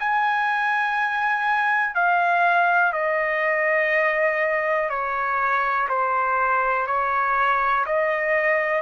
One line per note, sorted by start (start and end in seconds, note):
0.00 1.95 G#5
1.95 2.93 F5
2.93 4.90 D#5
4.90 5.88 C#5
5.89 6.87 C5
6.87 7.86 C#5
7.86 8.82 D#5